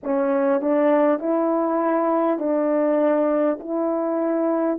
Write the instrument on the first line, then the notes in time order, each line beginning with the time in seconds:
horn
0.03 C#4
0.61 D4
1.19 E4
2.38 D4
3.59 E4